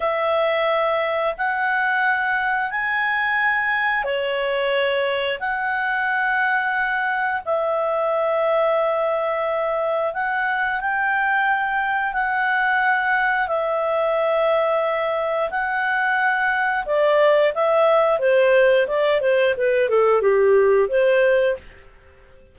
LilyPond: \new Staff \with { instrumentName = "clarinet" } { \time 4/4 \tempo 4 = 89 e''2 fis''2 | gis''2 cis''2 | fis''2. e''4~ | e''2. fis''4 |
g''2 fis''2 | e''2. fis''4~ | fis''4 d''4 e''4 c''4 | d''8 c''8 b'8 a'8 g'4 c''4 | }